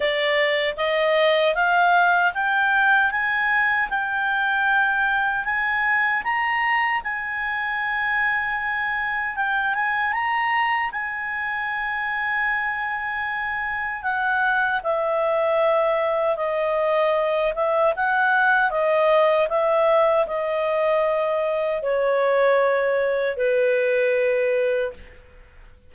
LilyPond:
\new Staff \with { instrumentName = "clarinet" } { \time 4/4 \tempo 4 = 77 d''4 dis''4 f''4 g''4 | gis''4 g''2 gis''4 | ais''4 gis''2. | g''8 gis''8 ais''4 gis''2~ |
gis''2 fis''4 e''4~ | e''4 dis''4. e''8 fis''4 | dis''4 e''4 dis''2 | cis''2 b'2 | }